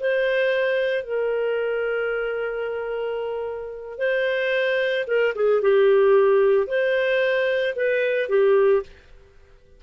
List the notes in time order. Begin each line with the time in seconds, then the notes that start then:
0.00 C5
1.04 A#4
3.98 C5
5.07 A#4
5.35 G#4
5.62 G4
6.67 C5
7.76 B4
8.29 G4